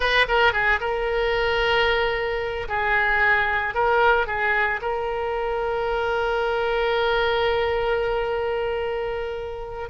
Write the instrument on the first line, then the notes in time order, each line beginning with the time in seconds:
oboe
0.00 B4
0.28 A#4
0.52 G#4
0.80 A#4
2.68 G#4
3.74 A#4
4.27 G#4
4.81 A#4